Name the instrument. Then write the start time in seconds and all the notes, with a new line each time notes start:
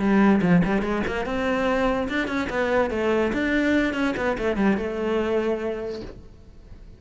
cello
0.00 G3
0.42 F3
0.65 G3
0.82 G#3
1.07 A#3
1.26 C4
2.09 D4
2.28 C#4
2.50 B3
2.91 A3
3.33 D4
3.94 C#4
4.17 B3
4.38 A3
4.57 G3
4.78 A3